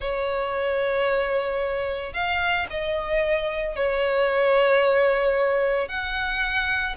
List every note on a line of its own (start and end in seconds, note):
0.00 2.13 C#5
2.13 2.66 F5
2.70 3.75 D#5
3.75 5.88 C#5
5.88 6.95 F#5